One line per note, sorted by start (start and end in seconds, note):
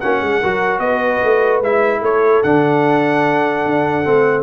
0.00 0.21 A#3
0.00 0.43 C#4
0.00 0.21 F#4
0.00 0.80 F#5
0.21 0.42 G#3
0.21 0.41 G#4
0.41 0.79 F#3
0.41 1.64 F#4
0.41 0.82 A#4
0.79 1.20 B3
0.79 2.01 B4
0.79 1.60 D#5
1.24 1.61 A3
1.61 2.01 G#3
1.61 2.45 E4
1.61 2.04 E5
2.01 2.42 A3
2.01 4.43 A4
2.01 2.43 C#5
2.43 3.65 D3
2.43 4.05 D4
2.43 4.44 F#5
3.66 4.06 D4
4.05 4.44 A3
4.05 4.44 C4